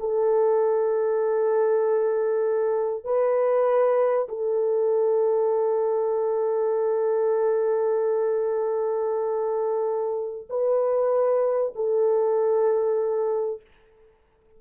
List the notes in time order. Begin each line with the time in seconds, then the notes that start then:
0.00 A4
3.04 B4
4.29 A4
10.50 B4
11.76 A4